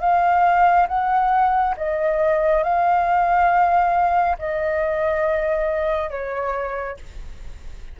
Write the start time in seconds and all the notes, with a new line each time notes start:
0.00 F5
0.87 F#5
1.77 D#5
2.63 F5
4.38 D#5
6.10 C#5